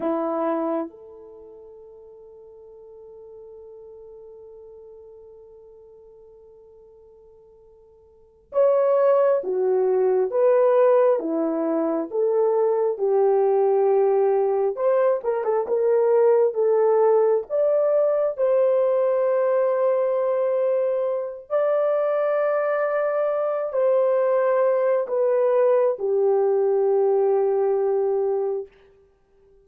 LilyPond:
\new Staff \with { instrumentName = "horn" } { \time 4/4 \tempo 4 = 67 e'4 a'2.~ | a'1~ | a'4. cis''4 fis'4 b'8~ | b'8 e'4 a'4 g'4.~ |
g'8 c''8 ais'16 a'16 ais'4 a'4 d''8~ | d''8 c''2.~ c''8 | d''2~ d''8 c''4. | b'4 g'2. | }